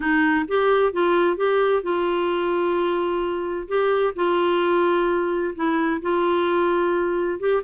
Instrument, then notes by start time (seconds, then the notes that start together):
clarinet
0.00 D#4
0.48 G4
0.92 F4
1.36 G4
1.83 F4
3.68 G4
4.15 F4
5.55 E4
6.01 F4
7.39 G4